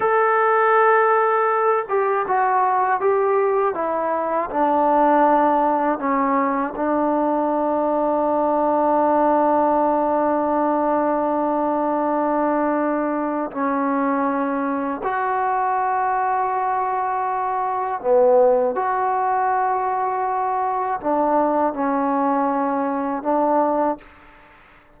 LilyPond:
\new Staff \with { instrumentName = "trombone" } { \time 4/4 \tempo 4 = 80 a'2~ a'8 g'8 fis'4 | g'4 e'4 d'2 | cis'4 d'2.~ | d'1~ |
d'2 cis'2 | fis'1 | b4 fis'2. | d'4 cis'2 d'4 | }